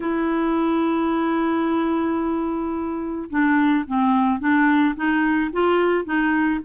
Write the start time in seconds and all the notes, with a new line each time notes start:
0.00 E4
3.30 D4
3.87 C4
4.39 D4
4.95 D#4
5.52 F4
6.05 D#4